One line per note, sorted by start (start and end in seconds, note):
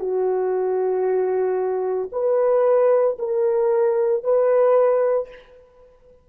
0.00 2.11 F#4
2.12 3.18 B4
3.19 4.24 A#4
4.24 5.29 B4